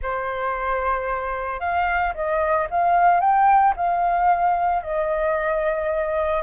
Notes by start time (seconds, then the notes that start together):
0.02 C5
1.59 F5
2.14 D#5
2.70 F5
3.20 G5
3.76 F5
4.83 D#5